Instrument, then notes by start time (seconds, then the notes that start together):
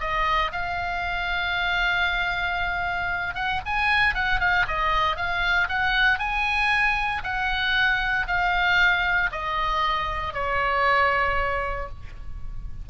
oboe
0.00 D#5
0.52 F5
3.35 F#5
3.66 G#5
4.14 F#5
4.40 F5
4.68 D#5
5.16 F5
5.69 F#5
6.19 G#5
7.24 F#5
8.27 F5
9.32 D#5
10.34 C#5